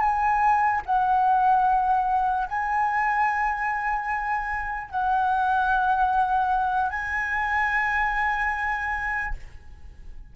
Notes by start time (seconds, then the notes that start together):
0.00 G#5
0.86 F#5
2.47 G#5
4.90 F#5
6.90 G#5